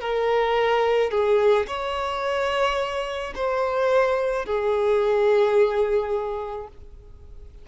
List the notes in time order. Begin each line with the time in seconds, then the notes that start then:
0.00 A#4
1.11 G#4
1.67 C#5
3.35 C5
4.45 G#4